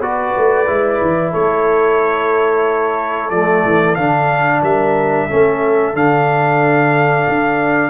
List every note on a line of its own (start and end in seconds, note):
0.00 0.33 B3
0.00 0.67 F#4
0.00 1.31 B4
0.00 1.33 D5
0.37 0.68 A3
0.67 1.01 G#3
0.67 3.31 E4
1.01 1.34 E3
1.31 3.31 A3
1.31 4.61 A4
1.31 3.30 C#5
3.30 3.64 F3
3.30 3.97 A3
3.30 3.95 D5
3.65 3.97 E3
3.95 4.62 D3
3.95 5.29 D4
3.95 4.61 F5
4.62 5.27 G3
4.62 5.27 A#4
4.62 5.96 E5
5.27 5.94 A3
5.27 5.95 C#4
5.27 7.90 A4
5.94 7.26 D3
5.94 7.90 D4
5.94 7.90 F5
7.28 7.90 D4